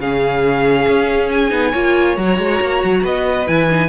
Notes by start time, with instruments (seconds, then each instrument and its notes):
0.00 cello C#3, viola C#4, violin G#4 F5
0.88 cello C#4
1.31 violin G#5
1.50 cello B3, viola D#4
1.71 cello A#3, viola F4, violin C#5
2.17 cello F#3, viola F#4, violin A#5
2.38 cello G#3
2.62 cello A#3
2.84 cello F#3
3.02 cello B3, violin B4 D#5
3.47 cello E3, viola E4, violin G#5
3.71 viola D#4